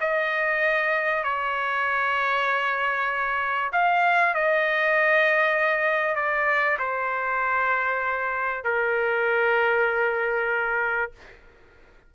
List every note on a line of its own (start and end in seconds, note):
0.00 1.23 D#5
1.23 3.71 C#5
3.72 4.34 F5
4.34 6.15 D#5
6.15 6.77 D5
6.78 8.64 C5
8.64 11.11 A#4